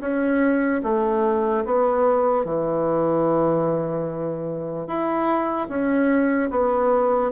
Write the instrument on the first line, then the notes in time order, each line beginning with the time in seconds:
bassoon
0.00 C#4
0.83 A3
1.65 B3
2.44 E3
4.87 E4
5.68 C#4
6.50 B3